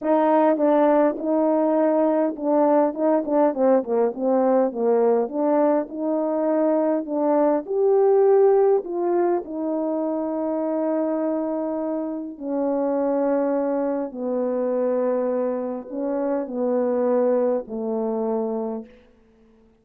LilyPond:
\new Staff \with { instrumentName = "horn" } { \time 4/4 \tempo 4 = 102 dis'4 d'4 dis'2 | d'4 dis'8 d'8 c'8 ais8 c'4 | ais4 d'4 dis'2 | d'4 g'2 f'4 |
dis'1~ | dis'4 cis'2. | b2. cis'4 | b2 a2 | }